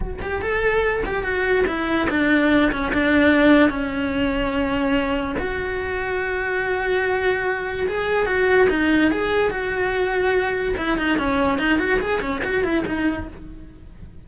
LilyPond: \new Staff \with { instrumentName = "cello" } { \time 4/4 \tempo 4 = 145 fis'8 g'8 a'4. g'8 fis'4 | e'4 d'4. cis'8 d'4~ | d'4 cis'2.~ | cis'4 fis'2.~ |
fis'2. gis'4 | fis'4 dis'4 gis'4 fis'4~ | fis'2 e'8 dis'8 cis'4 | dis'8 fis'8 gis'8 cis'8 fis'8 e'8 dis'4 | }